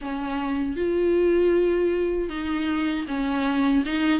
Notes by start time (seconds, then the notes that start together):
0.01 C#4
0.76 F4
2.29 D#4
3.07 C#4
3.85 D#4